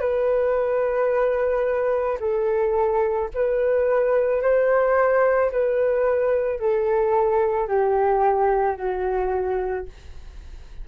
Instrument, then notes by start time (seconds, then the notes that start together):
flute
0.00 B4
2.20 A4
3.34 B4
4.42 C5
5.51 B4
6.59 A4
7.68 G4
8.77 F#4